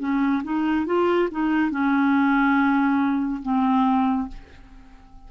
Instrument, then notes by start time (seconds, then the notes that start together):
clarinet
0.00 C#4
0.44 D#4
0.86 F4
1.32 D#4
1.71 C#4
3.43 C4